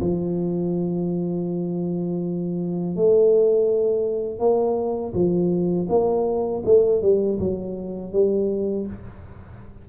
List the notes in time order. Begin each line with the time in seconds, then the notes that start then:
0.00 F3
2.96 A3
4.39 A#3
5.13 F3
5.89 A#3
6.65 A3
7.02 G3
7.39 F#3
8.12 G3